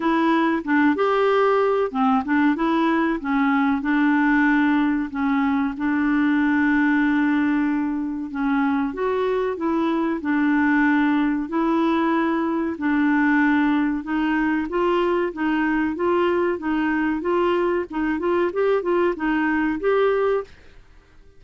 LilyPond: \new Staff \with { instrumentName = "clarinet" } { \time 4/4 \tempo 4 = 94 e'4 d'8 g'4. c'8 d'8 | e'4 cis'4 d'2 | cis'4 d'2.~ | d'4 cis'4 fis'4 e'4 |
d'2 e'2 | d'2 dis'4 f'4 | dis'4 f'4 dis'4 f'4 | dis'8 f'8 g'8 f'8 dis'4 g'4 | }